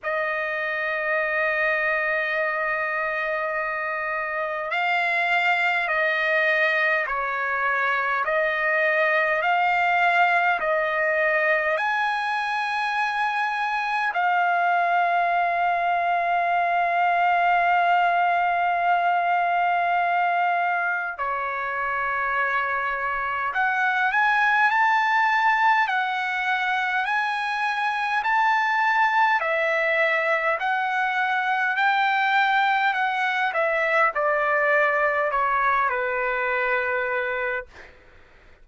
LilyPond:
\new Staff \with { instrumentName = "trumpet" } { \time 4/4 \tempo 4 = 51 dis''1 | f''4 dis''4 cis''4 dis''4 | f''4 dis''4 gis''2 | f''1~ |
f''2 cis''2 | fis''8 gis''8 a''4 fis''4 gis''4 | a''4 e''4 fis''4 g''4 | fis''8 e''8 d''4 cis''8 b'4. | }